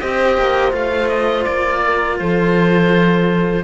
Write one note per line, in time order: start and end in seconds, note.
0.00 0.38 C4
0.00 0.71 G4
0.00 1.83 C5
0.00 0.74 D#5
0.38 0.73 A#3
0.71 1.46 A3
0.71 3.64 F4
0.71 1.09 F5
1.09 1.44 D#5
1.44 2.20 A#3
1.44 2.18 D5
1.85 2.20 A#4
2.19 3.64 F3
2.19 3.64 A4
2.19 3.64 C5